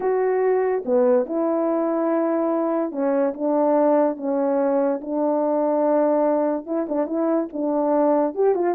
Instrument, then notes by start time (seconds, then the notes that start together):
horn
0.00 F#4
0.85 B3
1.26 E4
2.91 C#4
3.33 D4
4.16 C#4
5.01 D4
6.66 E4
6.88 D4
7.06 E4
7.52 D4
8.34 G4
8.55 F4